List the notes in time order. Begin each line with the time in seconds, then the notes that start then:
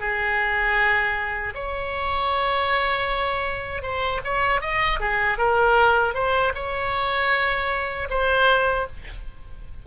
0.00 G#4
1.55 C#5
3.82 C5
4.24 C#5
4.61 D#5
5.00 G#4
5.38 A#4
6.14 C5
6.55 C#5
8.10 C5